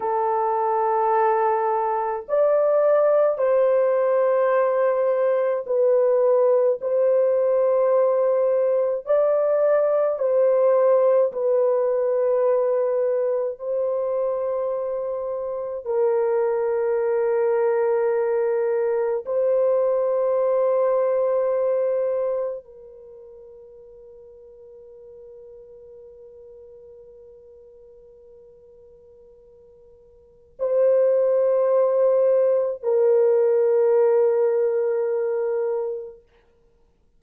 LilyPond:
\new Staff \with { instrumentName = "horn" } { \time 4/4 \tempo 4 = 53 a'2 d''4 c''4~ | c''4 b'4 c''2 | d''4 c''4 b'2 | c''2 ais'2~ |
ais'4 c''2. | ais'1~ | ais'2. c''4~ | c''4 ais'2. | }